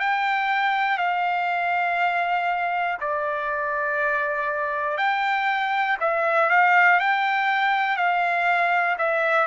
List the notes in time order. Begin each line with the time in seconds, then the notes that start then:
0.00 G5
0.98 F5
3.01 D5
4.97 G5
6.00 E5
6.50 F5
7.00 G5
7.97 F5
8.99 E5